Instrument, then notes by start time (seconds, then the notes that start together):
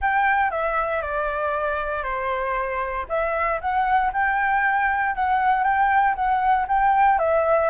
flute
0.01 G5
0.51 E5
1.02 D5
2.03 C5
3.08 E5
3.60 F#5
4.13 G5
5.15 F#5
5.63 G5
6.15 F#5
6.68 G5
7.18 E5